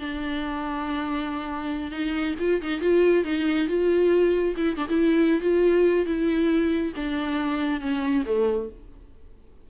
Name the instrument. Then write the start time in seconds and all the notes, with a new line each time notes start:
viola
0.00 D4
1.92 D#4
2.40 F4
2.62 D#4
2.81 F4
3.25 D#4
3.68 F4
4.57 E4
4.77 D4
4.89 E4
5.41 F4
6.06 E4
6.96 D4
7.81 C#4
8.26 A3